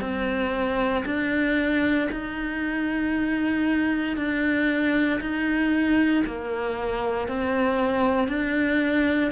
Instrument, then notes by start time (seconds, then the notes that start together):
cello
0.00 C4
1.05 D4
2.11 D#4
4.16 D4
5.20 D#4
6.26 A#3
7.27 C4
8.28 D4